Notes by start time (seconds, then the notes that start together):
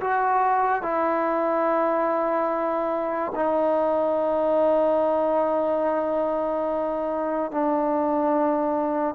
0.00 F#4
0.82 E4
3.35 D#4
7.51 D4